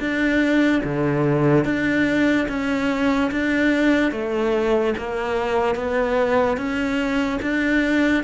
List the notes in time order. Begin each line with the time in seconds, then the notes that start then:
0.00 D4
0.84 D3
1.65 D4
2.49 C#4
3.31 D4
4.12 A3
4.98 A#3
5.75 B3
6.57 C#4
7.42 D4